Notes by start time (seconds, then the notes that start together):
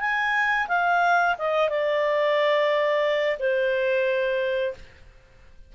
0.00 G#5
0.68 F5
1.38 D#5
1.69 D5
3.39 C5